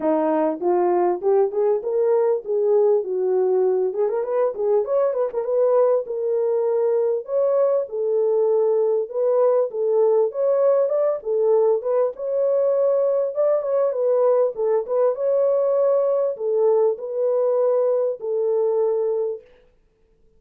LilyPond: \new Staff \with { instrumentName = "horn" } { \time 4/4 \tempo 4 = 99 dis'4 f'4 g'8 gis'8 ais'4 | gis'4 fis'4. gis'16 ais'16 b'8 gis'8 | cis''8 b'16 ais'16 b'4 ais'2 | cis''4 a'2 b'4 |
a'4 cis''4 d''8 a'4 b'8 | cis''2 d''8 cis''8 b'4 | a'8 b'8 cis''2 a'4 | b'2 a'2 | }